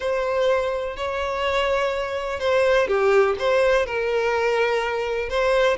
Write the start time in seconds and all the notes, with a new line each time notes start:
0.00 C5
0.96 C#5
2.39 C5
2.87 G4
3.38 C5
3.85 A#4
5.29 C5